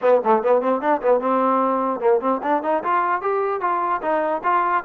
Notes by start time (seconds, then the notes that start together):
0.01 B3
0.24 A3
0.42 B3
0.61 C4
0.81 D4
1.01 B3
1.20 C4
2.00 A#3
2.20 C4
2.43 D4
2.62 D#4
2.83 F4
3.21 G4
3.60 F4
4.02 D#4
4.43 F4